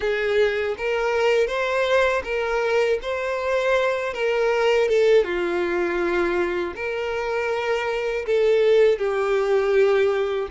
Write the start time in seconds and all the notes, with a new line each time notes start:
0.00 G#4
0.77 A#4
1.47 C5
2.24 A#4
3.02 C5
4.13 A#4
4.88 A4
5.23 F4
6.75 A#4
8.26 A4
8.98 G4